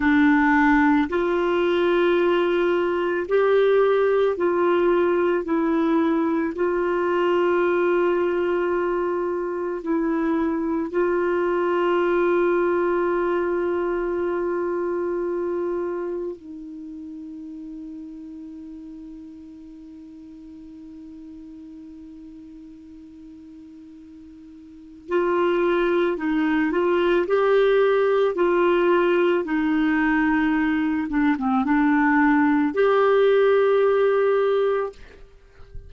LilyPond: \new Staff \with { instrumentName = "clarinet" } { \time 4/4 \tempo 4 = 55 d'4 f'2 g'4 | f'4 e'4 f'2~ | f'4 e'4 f'2~ | f'2. dis'4~ |
dis'1~ | dis'2. f'4 | dis'8 f'8 g'4 f'4 dis'4~ | dis'8 d'16 c'16 d'4 g'2 | }